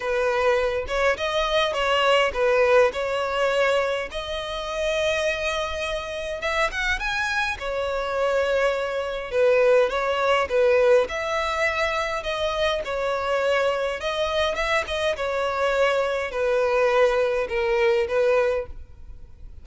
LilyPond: \new Staff \with { instrumentName = "violin" } { \time 4/4 \tempo 4 = 103 b'4. cis''8 dis''4 cis''4 | b'4 cis''2 dis''4~ | dis''2. e''8 fis''8 | gis''4 cis''2. |
b'4 cis''4 b'4 e''4~ | e''4 dis''4 cis''2 | dis''4 e''8 dis''8 cis''2 | b'2 ais'4 b'4 | }